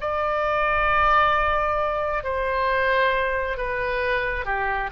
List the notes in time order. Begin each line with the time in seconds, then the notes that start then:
0.00 D5
2.23 C5
3.57 B4
4.45 G4